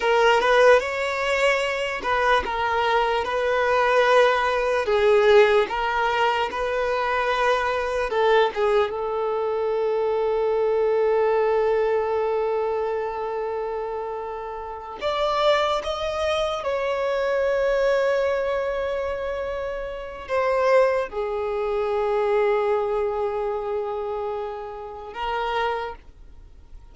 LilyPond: \new Staff \with { instrumentName = "violin" } { \time 4/4 \tempo 4 = 74 ais'8 b'8 cis''4. b'8 ais'4 | b'2 gis'4 ais'4 | b'2 a'8 gis'8 a'4~ | a'1~ |
a'2~ a'8 d''4 dis''8~ | dis''8 cis''2.~ cis''8~ | cis''4 c''4 gis'2~ | gis'2. ais'4 | }